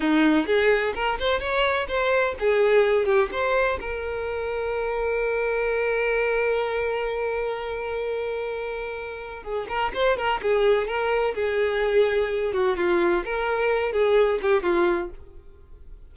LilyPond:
\new Staff \with { instrumentName = "violin" } { \time 4/4 \tempo 4 = 127 dis'4 gis'4 ais'8 c''8 cis''4 | c''4 gis'4. g'8 c''4 | ais'1~ | ais'1~ |
ais'1 | gis'8 ais'8 c''8 ais'8 gis'4 ais'4 | gis'2~ gis'8 fis'8 f'4 | ais'4. gis'4 g'8 f'4 | }